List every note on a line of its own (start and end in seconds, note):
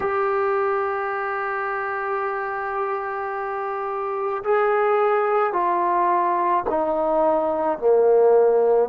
0.00 4.43 G4
4.44 5.53 G#4
5.53 6.64 F4
6.69 7.78 D#4
7.78 8.89 A#3